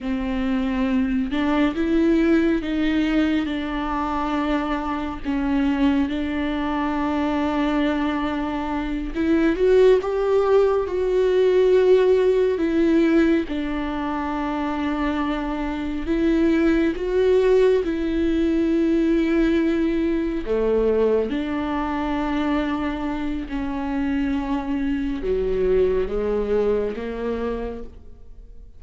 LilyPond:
\new Staff \with { instrumentName = "viola" } { \time 4/4 \tempo 4 = 69 c'4. d'8 e'4 dis'4 | d'2 cis'4 d'4~ | d'2~ d'8 e'8 fis'8 g'8~ | g'8 fis'2 e'4 d'8~ |
d'2~ d'8 e'4 fis'8~ | fis'8 e'2. a8~ | a8 d'2~ d'8 cis'4~ | cis'4 fis4 gis4 ais4 | }